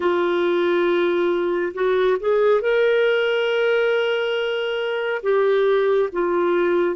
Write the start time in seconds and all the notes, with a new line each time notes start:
0.00 F4
1.74 F#4
2.20 G#4
2.61 A#4
5.22 G4
6.12 F4